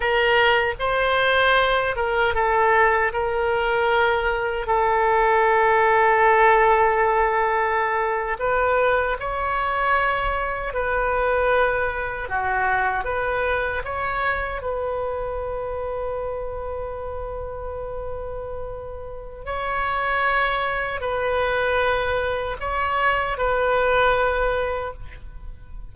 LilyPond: \new Staff \with { instrumentName = "oboe" } { \time 4/4 \tempo 4 = 77 ais'4 c''4. ais'8 a'4 | ais'2 a'2~ | a'2~ a'8. b'4 cis''16~ | cis''4.~ cis''16 b'2 fis'16~ |
fis'8. b'4 cis''4 b'4~ b'16~ | b'1~ | b'4 cis''2 b'4~ | b'4 cis''4 b'2 | }